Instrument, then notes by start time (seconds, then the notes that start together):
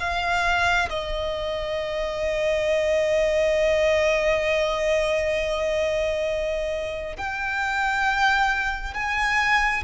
violin
0.00 F5
0.90 D#5
7.17 G5
8.94 G#5